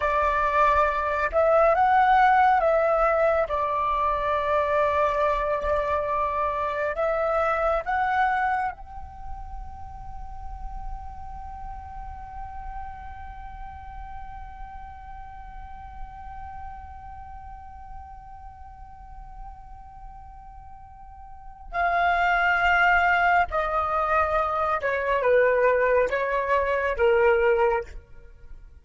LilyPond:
\new Staff \with { instrumentName = "flute" } { \time 4/4 \tempo 4 = 69 d''4. e''8 fis''4 e''4 | d''1 | e''4 fis''4 g''2~ | g''1~ |
g''1~ | g''1~ | g''4 f''2 dis''4~ | dis''8 cis''8 b'4 cis''4 ais'4 | }